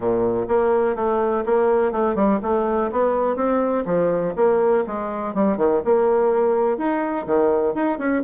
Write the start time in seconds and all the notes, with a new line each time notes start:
0.00 A#2
0.48 A#3
0.95 A3
1.45 A#3
1.92 A3
2.15 G3
2.42 A3
2.91 B3
3.36 C4
3.85 F3
4.36 A#3
4.86 G#3
5.34 G3
5.57 D#3
5.84 A#3
6.77 D#4
7.26 D#3
7.74 D#4
7.98 C#4